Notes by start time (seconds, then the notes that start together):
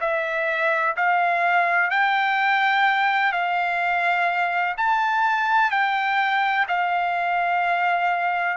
0.00 E5
0.96 F5
1.90 G5
3.32 F5
4.77 A5
5.71 G5
6.68 F5